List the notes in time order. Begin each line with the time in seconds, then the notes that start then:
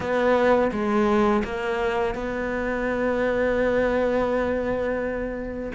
0.00 B3
0.71 G#3
1.44 A#3
2.14 B3